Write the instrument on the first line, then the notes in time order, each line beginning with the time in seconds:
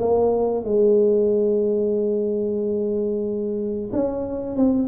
tuba
0.00 A#3
0.65 G#3
3.92 C#4
4.57 C4